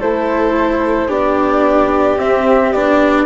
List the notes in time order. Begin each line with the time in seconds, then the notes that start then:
0.00 A3 E4 A4 C5
1.09 B3 D4 G4 D5
2.17 C4 E5
2.73 B3 D4 D5